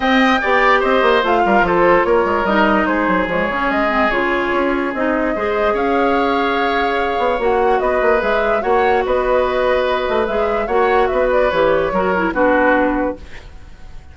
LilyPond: <<
  \new Staff \with { instrumentName = "flute" } { \time 4/4 \tempo 4 = 146 g''2 dis''4 f''4 | c''4 cis''4 dis''4 c''4 | cis''4 dis''4 cis''2 | dis''2 f''2~ |
f''2 fis''4 dis''4 | e''4 fis''4 dis''2~ | dis''4 e''4 fis''4 e''8 d''8 | cis''2 b'2 | }
  \new Staff \with { instrumentName = "oboe" } { \time 4/4 dis''4 d''4 c''4. ais'8 | a'4 ais'2 gis'4~ | gis'1~ | gis'4 c''4 cis''2~ |
cis''2. b'4~ | b'4 cis''4 b'2~ | b'2 cis''4 b'4~ | b'4 ais'4 fis'2 | }
  \new Staff \with { instrumentName = "clarinet" } { \time 4/4 c'4 g'2 f'4~ | f'2 dis'2 | gis8 cis'4 c'8 f'2 | dis'4 gis'2.~ |
gis'2 fis'2 | gis'4 fis'2.~ | fis'4 gis'4 fis'2 | g'4 fis'8 e'8 d'2 | }
  \new Staff \with { instrumentName = "bassoon" } { \time 4/4 c'4 b4 c'8 ais8 a8 g8 | f4 ais8 gis8 g4 gis8 fis8 | f8 cis8 gis4 cis4 cis'4 | c'4 gis4 cis'2~ |
cis'4. b8 ais4 b8 ais8 | gis4 ais4 b2~ | b8 a8 gis4 ais4 b4 | e4 fis4 b2 | }
>>